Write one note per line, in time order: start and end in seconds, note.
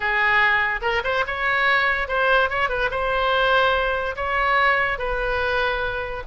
0.00 0.80 G#4
0.81 1.02 A#4
1.04 1.24 C5
1.26 2.08 C#5
2.08 2.49 C5
2.49 2.69 C#5
2.69 2.90 B4
2.90 4.15 C5
4.16 4.98 C#5
4.98 6.23 B4